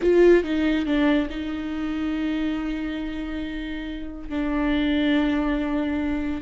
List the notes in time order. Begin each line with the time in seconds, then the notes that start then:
0.01 F4
0.43 D#4
0.85 D4
1.30 D#4
4.29 D4